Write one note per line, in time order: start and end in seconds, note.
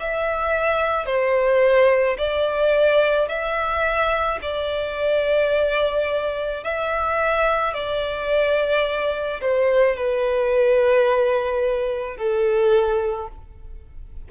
0.00 1.06 E5
1.06 2.17 C5
2.18 3.28 D5
3.28 4.39 E5
4.42 6.64 D5
6.64 7.74 E5
7.74 9.41 D5
9.41 9.96 C5
9.96 12.17 B4
12.17 13.28 A4